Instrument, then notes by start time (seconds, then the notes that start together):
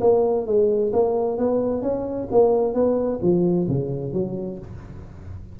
tuba
0.00 A#3
0.46 G#3
0.92 A#3
1.37 B3
1.82 C#4
2.31 A#3
2.74 B3
3.21 F3
3.67 C#3
4.12 F#3